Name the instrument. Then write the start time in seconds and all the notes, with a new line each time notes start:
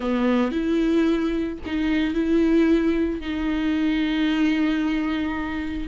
viola
0.00 B3
0.51 E4
1.66 D#4
2.14 E4
3.20 D#4